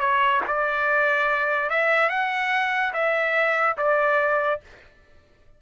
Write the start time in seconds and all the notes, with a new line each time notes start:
0.00 C#5
0.48 D5
1.70 E5
2.10 F#5
2.94 E5
3.78 D5